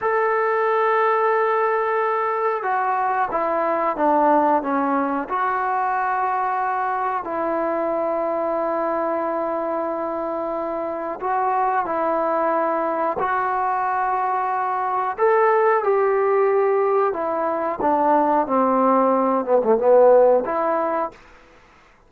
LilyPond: \new Staff \with { instrumentName = "trombone" } { \time 4/4 \tempo 4 = 91 a'1 | fis'4 e'4 d'4 cis'4 | fis'2. e'4~ | e'1~ |
e'4 fis'4 e'2 | fis'2. a'4 | g'2 e'4 d'4 | c'4. b16 a16 b4 e'4 | }